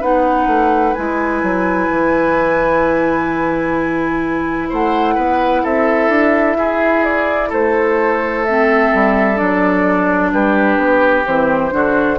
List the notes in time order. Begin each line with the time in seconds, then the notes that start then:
0.00 B3 D#4 B4 F#5
0.47 A3
0.94 G#3 E4 G#5
1.43 F#3
1.89 E3
4.69 A3 C5 F#5
5.14 B3 B4
5.63 C4 A4 E5
6.09 D4
6.57 E4 G#4
7.04 D5
7.49 A3 A4 C5
8.45 C4 E5
8.93 G3
9.35 F#3 D4 D5
10.32 G3 G4 B4
10.77 B3
11.26 E3 C4 C5
11.70 D3 D4 F#4